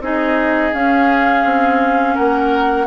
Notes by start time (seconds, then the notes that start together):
0.00 C4 D#4 G#4 D#5
0.74 C#4 F5
1.45 C4
2.15 A#3 A#4 F#5